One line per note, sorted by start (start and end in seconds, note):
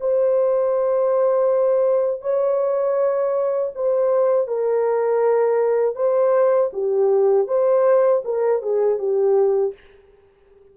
0.00 2.21 C5
2.21 3.71 C#5
3.75 4.47 C5
4.47 5.95 A#4
5.95 6.70 C5
6.73 7.47 G4
7.47 8.22 C5
8.24 8.62 A#4
8.62 8.98 G#4
8.98 9.73 G4